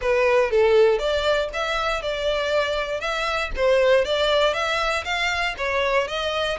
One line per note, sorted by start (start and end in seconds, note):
0.01 0.50 B4
0.50 0.98 A4
0.98 1.49 D5
1.53 2.02 E5
2.02 3.00 D5
3.00 3.50 E5
3.55 4.05 C5
4.05 4.53 D5
4.53 5.04 E5
5.04 5.54 F5
5.57 6.07 C#5
6.07 6.58 D#5